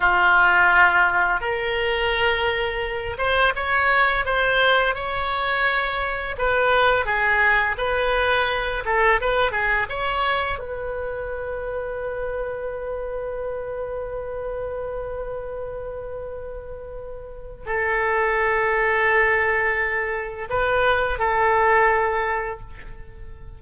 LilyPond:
\new Staff \with { instrumentName = "oboe" } { \time 4/4 \tempo 4 = 85 f'2 ais'2~ | ais'8 c''8 cis''4 c''4 cis''4~ | cis''4 b'4 gis'4 b'4~ | b'8 a'8 b'8 gis'8 cis''4 b'4~ |
b'1~ | b'1~ | b'4 a'2.~ | a'4 b'4 a'2 | }